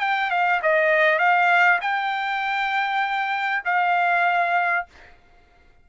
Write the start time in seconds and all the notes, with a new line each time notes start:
0.00 G5
0.30 F5
0.62 D#5
1.18 F5
1.81 G5
3.64 F5